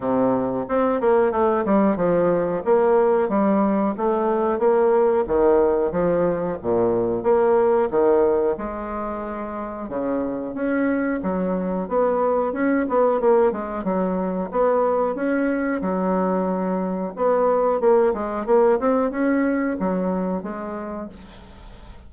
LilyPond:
\new Staff \with { instrumentName = "bassoon" } { \time 4/4 \tempo 4 = 91 c4 c'8 ais8 a8 g8 f4 | ais4 g4 a4 ais4 | dis4 f4 ais,4 ais4 | dis4 gis2 cis4 |
cis'4 fis4 b4 cis'8 b8 | ais8 gis8 fis4 b4 cis'4 | fis2 b4 ais8 gis8 | ais8 c'8 cis'4 fis4 gis4 | }